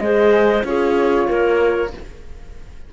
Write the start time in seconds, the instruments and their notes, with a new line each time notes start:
0.00 cello G#3, horn G#4, clarinet C5, flute D#5
0.64 cello C#4, horn F4, clarinet G#4, flute C#5
1.28 cello A#3, clarinet A#4